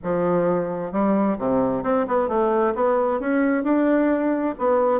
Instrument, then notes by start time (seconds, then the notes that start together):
bassoon
0.03 F3
0.92 G3
1.38 C3
1.83 C4
2.07 B3
2.28 A3
2.74 B3
3.20 C#4
3.63 D4
4.58 B3